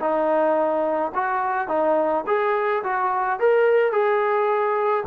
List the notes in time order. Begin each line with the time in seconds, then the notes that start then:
0.00 D#4
1.14 F#4
1.68 D#4
2.27 G#4
2.83 F#4
3.40 A#4
3.92 G#4